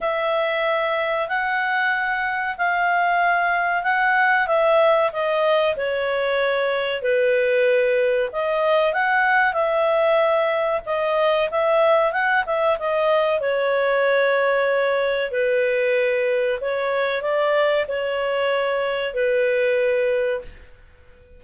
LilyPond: \new Staff \with { instrumentName = "clarinet" } { \time 4/4 \tempo 4 = 94 e''2 fis''2 | f''2 fis''4 e''4 | dis''4 cis''2 b'4~ | b'4 dis''4 fis''4 e''4~ |
e''4 dis''4 e''4 fis''8 e''8 | dis''4 cis''2. | b'2 cis''4 d''4 | cis''2 b'2 | }